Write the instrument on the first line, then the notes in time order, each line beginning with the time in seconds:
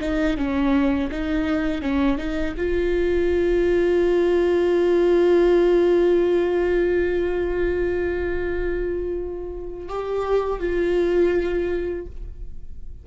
viola
0.00 D#4
0.37 C#4
1.11 D#4
1.82 C#4
2.18 D#4
2.57 F4
9.88 G4
10.60 F4